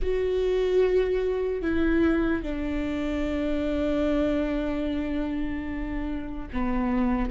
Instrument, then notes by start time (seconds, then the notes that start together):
viola
0.01 F#4
1.62 E4
2.43 D4
6.53 B3